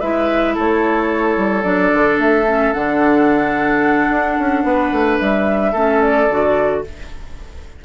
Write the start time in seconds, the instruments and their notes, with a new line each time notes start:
0.00 bassoon G#3, clarinet E4, oboe B4, flute E5
0.54 bassoon A3, oboe A4, flute C#5
1.37 bassoon G3
1.63 bassoon F#3, clarinet D4, flute D5
1.93 bassoon D3
2.18 bassoon A3, flute E5
2.47 clarinet C#4
2.73 bassoon D3, clarinet D4, flute F#5
4.10 bassoon D4
4.39 bassoon C#4
4.64 bassoon B3, oboe B4
4.91 bassoon A3
5.20 bassoon G3, flute E5
5.72 bassoon A3, clarinet C#4, oboe A4
6.02 flute D5
6.29 bassoon D3, clarinet F#4